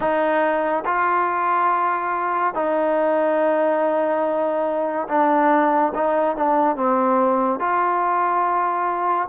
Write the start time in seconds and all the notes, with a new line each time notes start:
0.00 D#4
0.85 F4
2.54 D#4
5.08 D4
5.94 D#4
6.36 D4
6.76 C4
7.59 F4